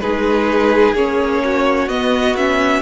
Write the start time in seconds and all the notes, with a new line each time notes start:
0.00 G#3 D#4 G#4 B4
0.94 A#3 C#4 C#5
1.44 F#4
1.87 B3 D#5
2.36 C#4 E5